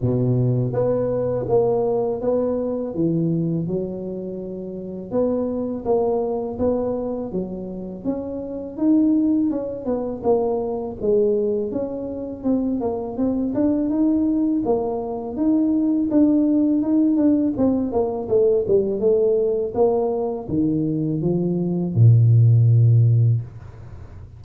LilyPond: \new Staff \with { instrumentName = "tuba" } { \time 4/4 \tempo 4 = 82 b,4 b4 ais4 b4 | e4 fis2 b4 | ais4 b4 fis4 cis'4 | dis'4 cis'8 b8 ais4 gis4 |
cis'4 c'8 ais8 c'8 d'8 dis'4 | ais4 dis'4 d'4 dis'8 d'8 | c'8 ais8 a8 g8 a4 ais4 | dis4 f4 ais,2 | }